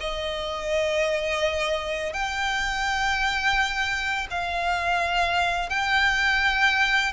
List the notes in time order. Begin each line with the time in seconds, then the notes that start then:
0.00 D#5
2.13 G5
4.31 F5
5.70 G5